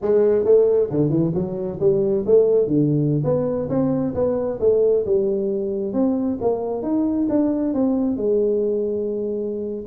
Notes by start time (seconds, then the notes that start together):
0.01 G#3
0.44 A3
0.90 D3
1.09 E3
1.34 F#3
1.80 G3
2.26 A3
2.67 D3
3.24 B3
3.69 C4
4.14 B3
4.60 A3
5.05 G3
5.93 C4
6.41 A#3
6.82 D#4
7.29 D4
7.73 C4
8.16 G#3